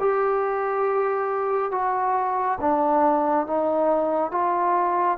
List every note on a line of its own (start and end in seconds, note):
0.00 1.72 G4
1.72 2.58 F#4
2.60 3.47 D4
3.47 4.32 D#4
4.32 5.18 F4